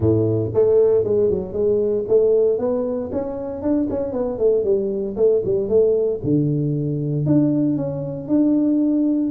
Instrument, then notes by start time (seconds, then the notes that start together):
tuba
0.00 A2
0.54 A3
1.03 G#3
1.30 F#3
1.53 G#3
2.08 A3
2.58 B3
3.12 C#4
3.62 D4
3.90 C#4
4.12 B3
4.38 A3
4.64 G3
5.16 A3
5.44 G3
5.68 A3
6.23 D3
7.26 D4
7.76 C#4
8.28 D4